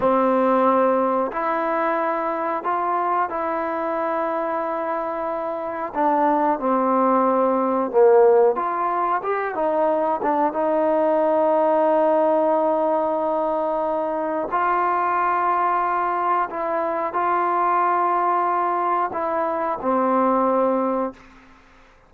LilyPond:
\new Staff \with { instrumentName = "trombone" } { \time 4/4 \tempo 4 = 91 c'2 e'2 | f'4 e'2.~ | e'4 d'4 c'2 | ais4 f'4 g'8 dis'4 d'8 |
dis'1~ | dis'2 f'2~ | f'4 e'4 f'2~ | f'4 e'4 c'2 | }